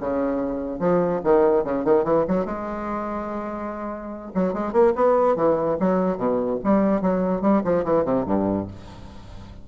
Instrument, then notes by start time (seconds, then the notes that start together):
bassoon
0.00 C#3
0.79 F3
1.24 D#3
1.64 C#3
1.85 D#3
2.04 E3
2.28 F#3
2.45 G#3
4.34 F#3
4.53 G#3
4.72 A#3
4.95 B3
5.36 E3
5.79 F#3
6.17 B2
6.64 G3
7.01 F#3
7.41 G3
7.64 F3
7.84 E3
8.04 C3
8.26 G2